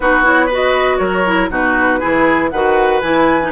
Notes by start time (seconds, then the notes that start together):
0.00 B3 D#4 F#4 B4
0.23 E4 C#5
0.46 F#4 B4
0.54 D#5
0.97 F#3 A#4 C#5
1.26 E4
1.50 B2 D#4 F#4 B4
1.99 E3 E4 G#4
2.49 D#3 F#4 B4 F#5
3.01 E3 E4 G#5
3.42 D#4